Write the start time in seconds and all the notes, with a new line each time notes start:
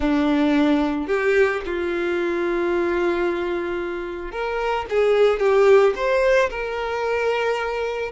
0.00 D4
1.07 G4
1.65 F4
4.31 A#4
4.89 G#4
5.39 G4
5.95 C5
6.49 A#4